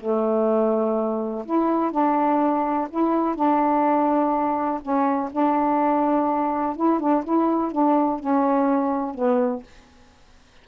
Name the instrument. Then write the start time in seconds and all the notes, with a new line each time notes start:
saxophone
0.00 A3
1.46 E4
1.92 D4
2.91 E4
3.36 D4
4.82 C#4
5.32 D4
6.77 E4
7.00 D4
7.24 E4
7.72 D4
8.20 C#4
9.15 B3